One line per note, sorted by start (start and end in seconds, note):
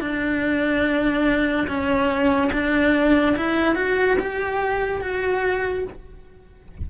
0.00 1.67 D4
1.67 2.51 C#4
2.52 3.36 D4
3.36 3.75 E4
3.75 4.17 F#4
4.19 5.01 G4
5.01 5.84 F#4